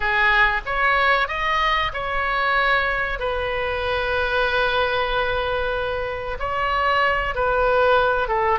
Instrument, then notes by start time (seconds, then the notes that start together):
oboe
0.00 G#4
0.65 C#5
1.28 D#5
1.93 C#5
3.19 B4
6.39 C#5
7.34 B4
8.28 A4